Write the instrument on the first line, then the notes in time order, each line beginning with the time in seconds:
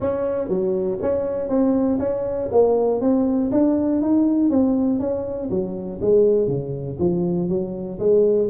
tuba
0.00 C#4
0.48 F#3
1.01 C#4
1.48 C4
1.99 C#4
2.51 A#3
3.00 C4
3.51 D4
4.01 D#4
4.50 C4
4.99 C#4
5.50 F#3
6.01 G#3
6.47 C#3
6.99 F3
7.48 F#3
7.99 G#3